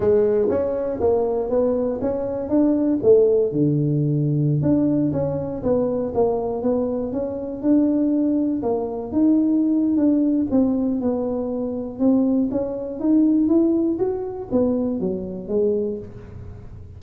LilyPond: \new Staff \with { instrumentName = "tuba" } { \time 4/4 \tempo 4 = 120 gis4 cis'4 ais4 b4 | cis'4 d'4 a4 d4~ | d4~ d16 d'4 cis'4 b8.~ | b16 ais4 b4 cis'4 d'8.~ |
d'4~ d'16 ais4 dis'4.~ dis'16 | d'4 c'4 b2 | c'4 cis'4 dis'4 e'4 | fis'4 b4 fis4 gis4 | }